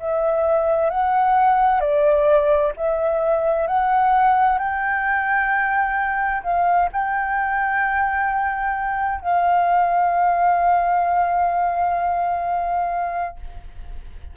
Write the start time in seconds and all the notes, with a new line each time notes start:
0.00 E5
0.90 F#5
1.80 D5
2.77 E5
3.68 F#5
4.59 G5
6.43 F5
6.92 G5
9.21 F5